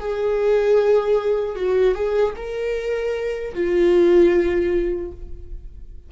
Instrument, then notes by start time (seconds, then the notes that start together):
viola
0.00 G#4
1.56 F#4
1.95 G#4
2.36 A#4
3.54 F4